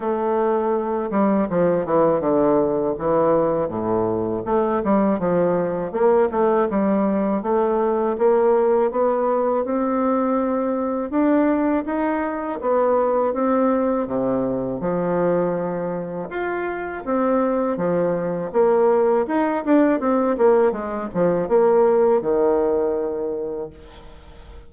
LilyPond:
\new Staff \with { instrumentName = "bassoon" } { \time 4/4 \tempo 4 = 81 a4. g8 f8 e8 d4 | e4 a,4 a8 g8 f4 | ais8 a8 g4 a4 ais4 | b4 c'2 d'4 |
dis'4 b4 c'4 c4 | f2 f'4 c'4 | f4 ais4 dis'8 d'8 c'8 ais8 | gis8 f8 ais4 dis2 | }